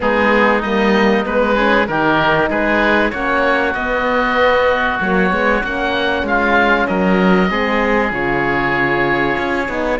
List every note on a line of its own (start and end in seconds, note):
0.00 0.62 G#3
0.00 0.62 B3
0.00 1.55 D#4
0.00 0.62 G#4
0.62 1.25 G3
0.62 1.25 A#3
0.62 1.25 D#5
1.25 1.88 G#3
1.25 1.55 B3
1.25 1.87 B4
1.55 1.86 C#4
1.55 1.86 G#4
1.87 2.49 D#3
1.87 3.12 D#4
1.87 2.49 G4
1.87 2.49 A#4
2.49 3.12 G#3
2.49 3.12 G#4
2.49 3.10 B4
3.10 3.74 A#3
3.10 3.75 C#4
3.10 6.25 F#4
3.10 3.73 C#5
3.73 4.99 B3
3.73 4.98 D#5
4.99 5.31 F#3
4.99 5.30 A#3
4.99 5.64 C#5
5.30 5.62 G#3
5.30 5.62 B3
5.62 6.23 A#3
5.62 7.49 C#4
5.62 6.27 F#5
6.23 6.85 G#3
6.23 6.88 F4
6.23 6.87 F5
6.87 7.50 F#3
6.87 7.50 A#4
6.87 8.12 D#5
7.49 8.11 G#3
7.49 8.10 C4
7.49 9.99 G#4
8.10 9.36 C#3
8.10 9.66 F4
8.10 9.99 C#5
9.38 9.68 C#4
9.67 9.99 B3
9.67 9.98 D#4